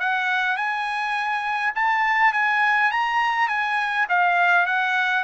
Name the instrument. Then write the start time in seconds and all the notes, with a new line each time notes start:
trumpet
0.00 F#5
0.57 G#5
1.75 A5
2.33 G#5
2.92 A#5
3.48 G#5
4.09 F5
4.67 F#5